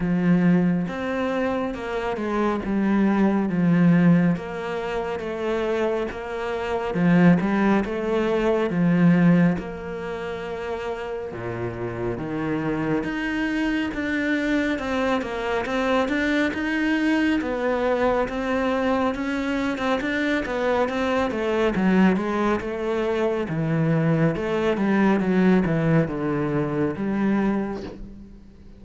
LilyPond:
\new Staff \with { instrumentName = "cello" } { \time 4/4 \tempo 4 = 69 f4 c'4 ais8 gis8 g4 | f4 ais4 a4 ais4 | f8 g8 a4 f4 ais4~ | ais4 ais,4 dis4 dis'4 |
d'4 c'8 ais8 c'8 d'8 dis'4 | b4 c'4 cis'8. c'16 d'8 b8 | c'8 a8 fis8 gis8 a4 e4 | a8 g8 fis8 e8 d4 g4 | }